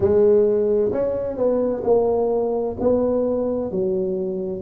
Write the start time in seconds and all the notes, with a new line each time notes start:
0.00 G#3
0.91 C#4
1.36 B3
1.84 A#3
2.79 B3
3.71 F#3